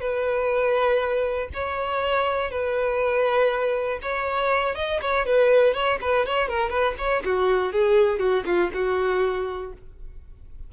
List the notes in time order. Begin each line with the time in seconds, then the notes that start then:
0.00 B4
1.53 C#5
2.50 B4
4.02 C#5
4.75 D#5
5.01 C#5
5.25 B4
5.74 C#5
6.01 B4
6.26 C#5
6.48 A#4
6.70 B4
6.98 C#5
7.24 F#4
7.72 G#4
8.19 F#4
8.45 F4
8.74 F#4